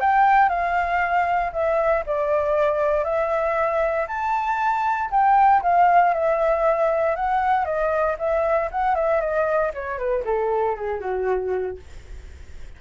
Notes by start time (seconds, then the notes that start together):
0.00 G5
0.49 F5
1.52 E5
2.06 D5
3.04 E5
4.07 A5
5.10 G5
5.62 F5
6.14 E5
7.16 F#5
7.65 D#5
8.18 E5
8.72 F#5
8.95 E5
9.21 D#5
9.74 C#5
9.98 B4
10.24 A4
10.76 G#4
11.00 F#4